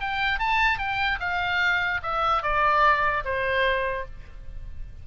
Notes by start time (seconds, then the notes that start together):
0.00 G5
0.39 A5
0.78 G5
1.20 F5
2.03 E5
2.43 D5
3.25 C5